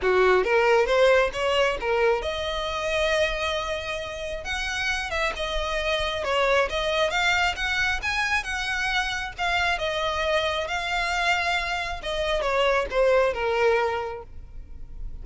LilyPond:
\new Staff \with { instrumentName = "violin" } { \time 4/4 \tempo 4 = 135 fis'4 ais'4 c''4 cis''4 | ais'4 dis''2.~ | dis''2 fis''4. e''8 | dis''2 cis''4 dis''4 |
f''4 fis''4 gis''4 fis''4~ | fis''4 f''4 dis''2 | f''2. dis''4 | cis''4 c''4 ais'2 | }